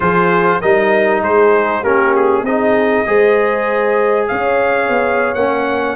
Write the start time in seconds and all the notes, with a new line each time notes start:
0.00 F3 F4 G#4 C5
0.60 G3 D#4 A#4 D#5
1.22 G#3 G#4 C5
1.82 A#3 C#4 G4 A#4
2.15 G#4
2.42 C4 D#4 G#4 D#5
3.06 G#3 G#4 C5
4.27 C#4 C#5 F5
4.88 B3
5.34 A#3 C#4 F#5